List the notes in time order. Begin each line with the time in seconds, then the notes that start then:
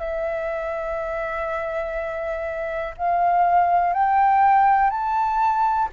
0.00 E5
2.98 F5
3.93 G5
4.90 A5